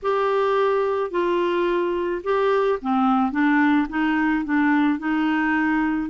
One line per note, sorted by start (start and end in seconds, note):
0.02 1.10 G4
1.10 2.21 F4
2.23 2.79 G4
2.81 3.31 C4
3.31 3.87 D4
3.89 4.44 D#4
4.44 4.98 D4
4.98 6.09 D#4